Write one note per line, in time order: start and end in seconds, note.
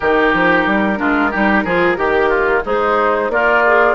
0.00 0.33 D#3
0.00 0.97 D#4
0.00 0.98 G4
0.00 2.63 A#4
0.33 0.66 F3
0.66 0.99 G3
0.97 1.33 G#3
0.97 1.30 D4
0.97 1.30 F4
1.30 1.64 G3
1.30 1.66 D#4
1.30 1.63 G4
1.64 1.97 F3
1.64 1.96 F4
1.64 1.97 G#4
1.96 2.63 D#3
1.96 2.62 G4
1.96 2.29 G4
2.29 2.62 F4
2.64 3.28 G#3
2.64 3.31 D#4
2.64 3.30 G#4
2.64 3.31 C5
3.28 3.94 A#3
3.28 3.94 F4
3.28 3.64 A#4
3.28 3.94 D5
3.66 3.94 G#4